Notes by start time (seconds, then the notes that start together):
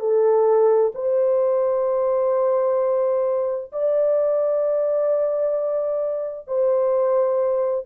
0.00 A4
0.95 C5
3.72 D5
6.48 C5